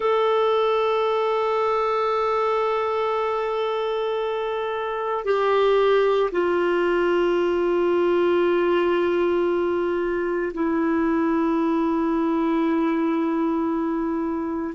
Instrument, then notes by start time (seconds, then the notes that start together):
clarinet
0.00 A4
5.24 G4
6.31 F4
10.53 E4